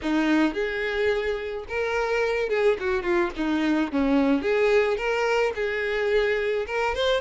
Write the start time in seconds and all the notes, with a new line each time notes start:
0.02 D#4
0.53 G#4
1.68 A#4
2.49 G#4
2.80 F#4
3.02 F4
3.36 D#4
3.92 C#4
4.42 G#4
4.97 A#4
5.55 G#4
6.66 A#4
6.94 C5